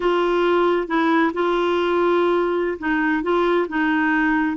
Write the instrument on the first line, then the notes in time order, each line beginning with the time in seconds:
clarinet
0.00 F4
0.87 E4
1.33 F4
2.78 D#4
3.22 F4
3.68 D#4